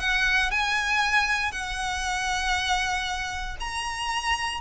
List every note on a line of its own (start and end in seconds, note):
0.00 0.51 F#5
0.51 1.52 G#5
1.52 3.57 F#5
3.60 4.61 A#5